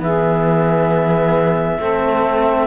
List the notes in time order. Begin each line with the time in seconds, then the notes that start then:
0.00 E3 B3 G#4 E5
1.78 A3 C4 A4